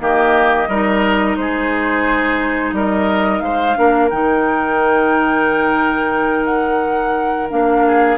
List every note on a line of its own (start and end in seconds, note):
0.00 0.68 D#3
0.00 0.68 A#3
0.00 0.68 G4
0.00 1.37 D#5
0.68 1.36 G3
0.68 3.75 D#4
0.68 1.37 A#4
1.37 2.73 G#3
1.37 2.76 G#4
1.37 2.73 C5
2.73 3.41 G3
2.73 3.44 A#4
2.73 3.40 D#5
3.40 3.75 G#3
3.40 3.78 C5
3.40 4.09 F5
3.75 4.12 A#3
3.75 4.10 D4
3.75 7.87 A#4
4.10 7.52 D#3
4.10 7.50 D#4
4.10 6.45 G5
6.45 7.47 F#5
7.50 8.17 A#3
7.50 8.17 D4
7.50 8.17 F5
7.87 8.17 G#4